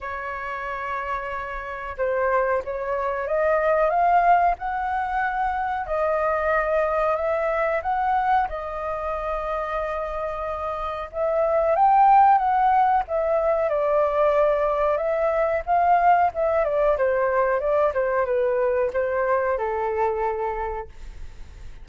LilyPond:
\new Staff \with { instrumentName = "flute" } { \time 4/4 \tempo 4 = 92 cis''2. c''4 | cis''4 dis''4 f''4 fis''4~ | fis''4 dis''2 e''4 | fis''4 dis''2.~ |
dis''4 e''4 g''4 fis''4 | e''4 d''2 e''4 | f''4 e''8 d''8 c''4 d''8 c''8 | b'4 c''4 a'2 | }